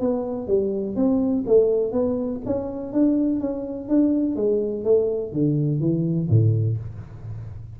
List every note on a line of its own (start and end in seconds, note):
0.00 0.47 B3
0.47 0.95 G3
0.95 1.44 C4
1.46 1.92 A3
1.92 2.40 B3
2.45 2.92 C#4
2.92 3.40 D4
3.40 3.88 C#4
3.88 4.35 D4
4.35 4.84 G#3
4.84 5.32 A3
5.32 5.80 D3
5.80 6.28 E3
6.29 6.77 A2